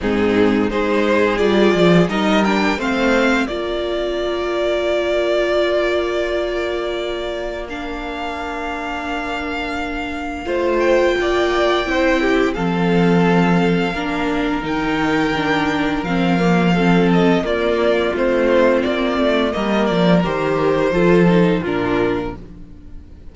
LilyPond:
<<
  \new Staff \with { instrumentName = "violin" } { \time 4/4 \tempo 4 = 86 gis'4 c''4 d''4 dis''8 g''8 | f''4 d''2.~ | d''2. f''4~ | f''2.~ f''8 g''8~ |
g''2 f''2~ | f''4 g''2 f''4~ | f''8 dis''8 d''4 c''4 d''4 | dis''8 d''8 c''2 ais'4 | }
  \new Staff \with { instrumentName = "violin" } { \time 4/4 dis'4 gis'2 ais'4 | c''4 ais'2.~ | ais'1~ | ais'2. c''4 |
d''4 c''8 g'8 a'2 | ais'1 | a'4 f'2. | ais'2 a'4 f'4 | }
  \new Staff \with { instrumentName = "viola" } { \time 4/4 c'4 dis'4 f'4 dis'8 d'8 | c'4 f'2.~ | f'2. d'4~ | d'2. f'4~ |
f'4 e'4 c'2 | d'4 dis'4 d'4 c'8 ais8 | c'4 ais4 c'2 | ais4 g'4 f'8 dis'8 d'4 | }
  \new Staff \with { instrumentName = "cello" } { \time 4/4 gis,4 gis4 g8 f8 g4 | a4 ais2.~ | ais1~ | ais2. a4 |
ais4 c'4 f2 | ais4 dis2 f4~ | f4 ais4 a4 ais8 a8 | g8 f8 dis4 f4 ais,4 | }
>>